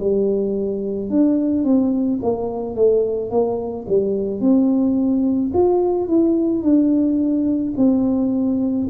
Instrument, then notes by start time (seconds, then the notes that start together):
tuba
0.00 G3
1.10 D4
1.64 C4
2.22 A#3
2.75 A3
3.30 A#3
3.88 G3
4.40 C4
5.54 F4
6.08 E4
6.63 D4
7.77 C4